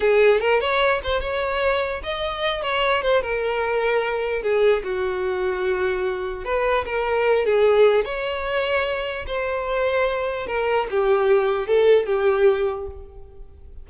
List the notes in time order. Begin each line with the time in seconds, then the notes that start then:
0.00 G#4
0.40 A#4
0.60 C#5
1.03 C5
1.21 C#5
2.03 D#5
2.62 C#5
3.02 C5
3.22 A#4
4.42 G#4
4.83 F#4
6.44 B4
6.85 A#4
7.45 G#4
8.04 C#5
9.26 C5
10.46 A#4
10.90 G4
11.67 A4
12.05 G4